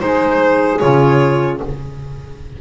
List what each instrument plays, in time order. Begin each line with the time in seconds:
0.00 double bass G#3, clarinet D#4, saxophone G#4, violin C5
0.79 double bass C#3, clarinet F4, violin C#5